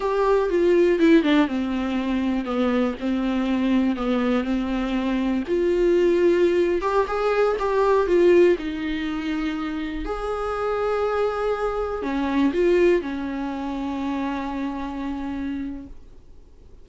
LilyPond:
\new Staff \with { instrumentName = "viola" } { \time 4/4 \tempo 4 = 121 g'4 f'4 e'8 d'8 c'4~ | c'4 b4 c'2 | b4 c'2 f'4~ | f'4.~ f'16 g'8 gis'4 g'8.~ |
g'16 f'4 dis'2~ dis'8.~ | dis'16 gis'2.~ gis'8.~ | gis'16 cis'4 f'4 cis'4.~ cis'16~ | cis'1 | }